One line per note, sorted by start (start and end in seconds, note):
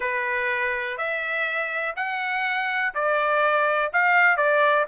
0.00 0.97 B4
0.97 1.95 E5
1.96 2.93 F#5
2.94 3.92 D5
3.93 4.36 F5
4.36 4.85 D5